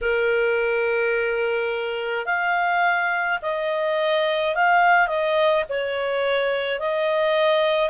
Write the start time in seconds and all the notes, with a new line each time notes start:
0.01 A#4
2.25 F5
3.42 D#5
4.55 F5
5.07 D#5
5.69 C#5
6.79 D#5